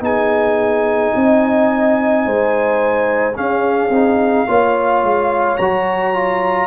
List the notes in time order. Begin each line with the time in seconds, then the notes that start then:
0.00 B3 D#4 G#4 G#5
1.15 C4 D#5
2.26 G#3 C5
3.35 C#4 G#4 F5
3.90 C4 D#4
4.47 A#3 F4 C#5
5.03 G#3
5.57 F#3 F#4 A#5
6.14 F4